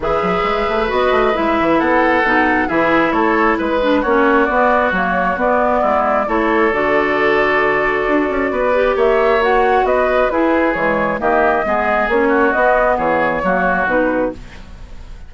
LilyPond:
<<
  \new Staff \with { instrumentName = "flute" } { \time 4/4 \tempo 4 = 134 e''2 dis''4 e''4 | fis''2 e''4 cis''4 | b'4 cis''4 d''4 cis''4 | d''2 cis''4 d''4~ |
d''1 | e''4 fis''4 dis''4 b'4 | cis''4 dis''2 cis''4 | dis''4 cis''2 b'4 | }
  \new Staff \with { instrumentName = "oboe" } { \time 4/4 b'1 | a'2 gis'4 a'4 | b'4 fis'2.~ | fis'4 e'4 a'2~ |
a'2. b'4 | cis''2 b'4 gis'4~ | gis'4 g'4 gis'4. fis'8~ | fis'4 gis'4 fis'2 | }
  \new Staff \with { instrumentName = "clarinet" } { \time 4/4 gis'2 fis'4 e'4~ | e'4 dis'4 e'2~ | e'8 d'8 cis'4 b4 ais4 | b2 e'4 fis'4~ |
fis'2.~ fis'8 g'8~ | g'4 fis'2 e'4 | gis4 ais4 b4 cis'4 | b2 ais4 dis'4 | }
  \new Staff \with { instrumentName = "bassoon" } { \time 4/4 e8 fis8 gis8 a8 b8 a8 gis8 e8 | b4 b,4 e4 a4 | gis4 ais4 b4 fis4 | b4 gis4 a4 d4~ |
d2 d'8 cis'8 b4 | ais2 b4 e'4 | e4 dis4 gis4 ais4 | b4 e4 fis4 b,4 | }
>>